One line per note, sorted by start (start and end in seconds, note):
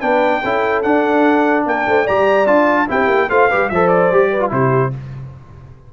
0.00 0.42 B3
0.00 0.42 D4
0.00 0.42 B4
0.00 0.82 G5
0.43 0.84 C#4
0.43 0.84 E4
0.43 1.65 A4
0.82 2.06 D4
0.82 1.66 D4
0.82 1.64 F#5
1.66 1.86 A#3
1.66 1.87 A#4
1.66 2.07 G5
1.86 2.07 A3
1.86 2.03 C5
2.03 2.46 G3
2.03 2.46 G4
2.03 2.85 D5
2.03 2.46 A#5
2.46 2.86 D4
2.46 2.87 F4
2.46 2.87 A5
2.88 3.07 C4
2.88 3.28 E4
2.88 3.29 G4
2.88 3.29 G5
3.07 3.27 A#3
3.29 3.49 A3
3.29 3.50 F4
3.29 3.49 C5
3.29 3.69 F5
3.49 3.70 G3
3.49 3.71 G4
3.49 3.69 B4
3.69 4.11 F3
3.69 4.12 A4
3.69 4.31 C5
3.69 3.88 E5
3.88 4.49 D5
4.11 4.51 G3
4.11 4.39 G4
4.31 4.51 B4
4.39 4.49 F4
4.49 4.91 C3
4.49 4.90 E4
4.49 4.92 G4
4.49 4.93 C5